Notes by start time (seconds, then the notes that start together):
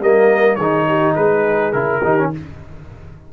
0.00 G3 A#3 A#4 D#5
0.56 D#3 G#4 C#5
0.62 D#4
0.88 G4
1.15 G#3 G#4 B4
1.73 C#3 E4 A#4
2.02 D#3 D#4 G4
2.19 C#4